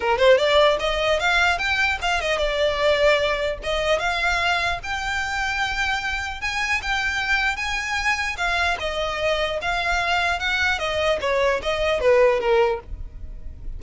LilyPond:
\new Staff \with { instrumentName = "violin" } { \time 4/4 \tempo 4 = 150 ais'8 c''8 d''4 dis''4 f''4 | g''4 f''8 dis''8 d''2~ | d''4 dis''4 f''2 | g''1 |
gis''4 g''2 gis''4~ | gis''4 f''4 dis''2 | f''2 fis''4 dis''4 | cis''4 dis''4 b'4 ais'4 | }